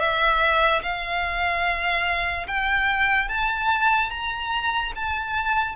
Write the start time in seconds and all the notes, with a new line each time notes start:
0.00 E5
0.83 F5
2.48 G5
3.29 A5
4.11 A#5
4.96 A5